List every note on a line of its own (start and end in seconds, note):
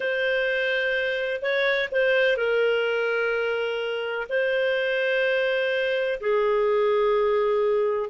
0.00 1.40 C5
1.41 1.89 C#5
1.91 2.36 C5
2.36 4.27 A#4
4.29 6.19 C5
6.20 8.09 G#4